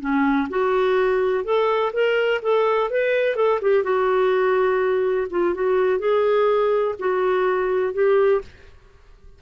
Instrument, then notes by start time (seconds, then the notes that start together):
clarinet
0.00 C#4
0.49 F#4
1.44 A4
1.93 A#4
2.42 A4
2.90 B4
3.36 A4
3.61 G4
3.83 F#4
5.30 F4
5.54 F#4
5.99 G#4
6.99 F#4
7.93 G4